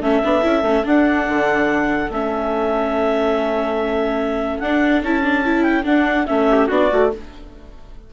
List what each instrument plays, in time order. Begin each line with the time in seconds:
0.00 bassoon A3, viola C#4, trumpet A4, clarinet E5
0.24 bassoon B3, viola D4
0.42 bassoon C#4, viola E4
0.63 bassoon A3, viola C#4
0.83 viola D4, bassoon D4, clarinet F#5
1.28 bassoon D3
2.09 bassoon A3, viola C#4, clarinet E5
4.59 bassoon D4, viola D4, clarinet F#5
5.02 bassoon C#4, viola E4, clarinet A5
5.23 viola D4
5.45 viola E4
5.63 clarinet G5
5.84 viola D4, bassoon D4, clarinet F#5
6.26 bassoon A3, viola C#4, clarinet E5
6.51 trumpet G4
6.68 bassoon B3, viola D4, trumpet F#4, clarinet D5
6.91 bassoon A3, viola F#4